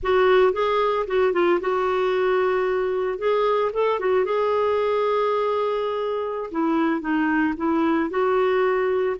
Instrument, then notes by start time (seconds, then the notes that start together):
clarinet
0.02 F#4
0.52 G#4
1.07 F#4
1.33 F4
1.60 F#4
3.18 G#4
3.72 A4
3.99 F#4
4.25 G#4
6.51 E4
7.01 D#4
7.57 E4
8.10 F#4